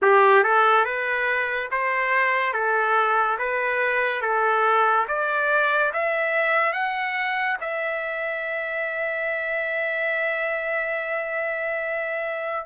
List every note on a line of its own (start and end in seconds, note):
0.02 0.43 G4
0.43 0.85 A4
0.85 1.69 B4
1.71 2.53 C5
2.53 3.37 A4
3.38 4.21 B4
4.21 5.06 A4
5.07 5.92 D5
5.93 6.72 E5
6.72 7.57 F#5
7.60 12.66 E5